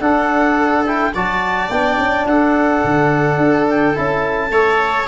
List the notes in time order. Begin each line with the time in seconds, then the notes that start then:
0.00 D4 A4 F#5
0.85 E4 G5
1.14 F#3 F#4 D5 A5
1.70 B3 D4 G5
1.98 C#4
2.26 D4 A4 F#5
2.84 D3
3.37 D4
3.69 G5
3.94 C#4 E4 A5
4.50 A3 A4 C#5